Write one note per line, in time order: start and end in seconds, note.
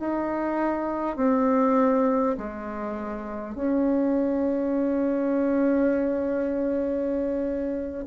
0.00 1.17 D#4
1.17 2.37 C4
2.38 3.56 G#3
3.56 8.06 C#4